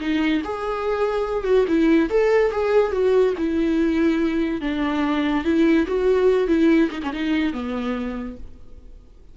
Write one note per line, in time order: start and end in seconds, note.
0.00 0.42 D#4
0.44 1.44 G#4
1.44 1.65 F#4
1.68 2.10 E4
2.10 2.51 A4
2.51 2.92 G#4
2.92 3.34 F#4
3.37 4.61 E4
4.61 5.44 D4
5.44 5.86 E4
5.87 6.47 F#4
6.47 6.89 E4
6.91 7.02 D#4
7.03 7.13 C#4
7.13 7.53 D#4
7.53 8.37 B3